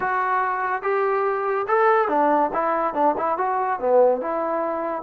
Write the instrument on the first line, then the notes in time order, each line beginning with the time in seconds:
trombone
0.00 F#4
0.82 G4
1.67 A4
2.08 D4
2.53 E4
2.94 D4
3.17 E4
3.37 F#4
3.79 B3
4.21 E4